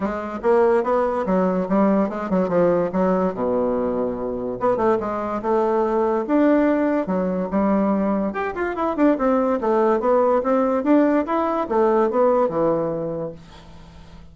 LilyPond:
\new Staff \with { instrumentName = "bassoon" } { \time 4/4 \tempo 4 = 144 gis4 ais4 b4 fis4 | g4 gis8 fis8 f4 fis4 | b,2. b8 a8 | gis4 a2 d'4~ |
d'4 fis4 g2 | g'8 f'8 e'8 d'8 c'4 a4 | b4 c'4 d'4 e'4 | a4 b4 e2 | }